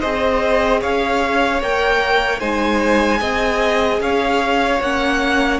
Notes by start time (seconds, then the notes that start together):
0.00 C4 G#4 C5 D#5
0.80 C#4 C#5 F5
1.62 A#3 A#4 G5
2.40 G#3 D#4 C5 G#5
3.18 C4 G#4 D#5
4.00 C#4 C#5 F5
4.80 A#3 C#4 F#5